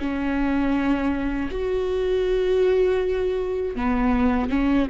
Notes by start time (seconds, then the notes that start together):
0.00 C#4
1.51 F#4
3.76 B3
4.50 C#4